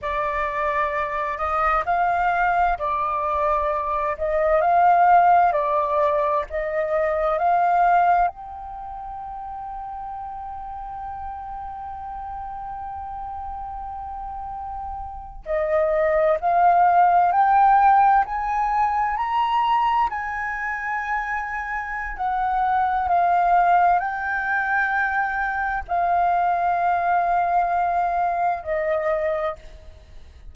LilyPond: \new Staff \with { instrumentName = "flute" } { \time 4/4 \tempo 4 = 65 d''4. dis''8 f''4 d''4~ | d''8 dis''8 f''4 d''4 dis''4 | f''4 g''2.~ | g''1~ |
g''8. dis''4 f''4 g''4 gis''16~ | gis''8. ais''4 gis''2~ gis''16 | fis''4 f''4 g''2 | f''2. dis''4 | }